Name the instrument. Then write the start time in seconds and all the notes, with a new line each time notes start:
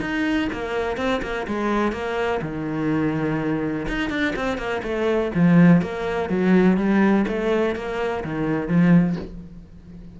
cello
0.00 D#4
0.52 A#3
0.97 C4
1.22 A#3
1.47 G#3
1.92 A#3
2.42 D#3
3.88 D#4
4.10 D4
4.36 C4
4.57 A#3
4.83 A3
5.34 F3
5.82 A#3
6.29 F#3
6.77 G3
7.28 A3
7.75 A#3
8.24 D#3
8.68 F3